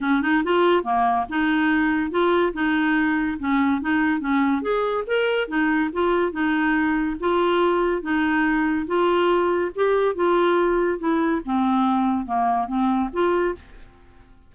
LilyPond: \new Staff \with { instrumentName = "clarinet" } { \time 4/4 \tempo 4 = 142 cis'8 dis'8 f'4 ais4 dis'4~ | dis'4 f'4 dis'2 | cis'4 dis'4 cis'4 gis'4 | ais'4 dis'4 f'4 dis'4~ |
dis'4 f'2 dis'4~ | dis'4 f'2 g'4 | f'2 e'4 c'4~ | c'4 ais4 c'4 f'4 | }